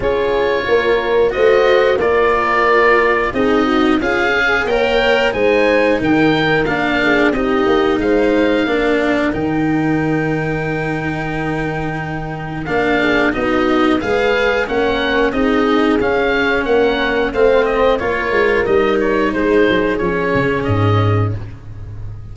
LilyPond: <<
  \new Staff \with { instrumentName = "oboe" } { \time 4/4 \tempo 4 = 90 cis''2 dis''4 d''4~ | d''4 dis''4 f''4 g''4 | gis''4 g''4 f''4 dis''4 | f''2 g''2~ |
g''2. f''4 | dis''4 f''4 fis''4 dis''4 | f''4 fis''4 f''8 dis''8 cis''4 | dis''8 cis''8 c''4 cis''4 dis''4 | }
  \new Staff \with { instrumentName = "horn" } { \time 4/4 gis'4 ais'4 c''4 ais'4~ | ais'4 gis'8 fis'8 f'8 gis'8 cis''4 | c''4 ais'4. gis'8 g'4 | c''4 ais'2.~ |
ais'2.~ ais'8 gis'8 | fis'4 b'4 ais'4 gis'4~ | gis'4 ais'4 c''4 ais'4~ | ais'4 gis'2. | }
  \new Staff \with { instrumentName = "cello" } { \time 4/4 f'2 fis'4 f'4~ | f'4 dis'4 gis'4 ais'4 | dis'2 d'4 dis'4~ | dis'4 d'4 dis'2~ |
dis'2. d'4 | dis'4 gis'4 cis'4 dis'4 | cis'2 c'4 f'4 | dis'2 cis'2 | }
  \new Staff \with { instrumentName = "tuba" } { \time 4/4 cis'4 ais4 a4 ais4~ | ais4 c'4 cis'4 ais4 | gis4 dis4 ais4 c'8 ais8 | gis4 ais4 dis2~ |
dis2. ais4 | b4 gis4 ais4 c'4 | cis'4 ais4 a4 ais8 gis8 | g4 gis8 fis8 f8 cis8 gis,4 | }
>>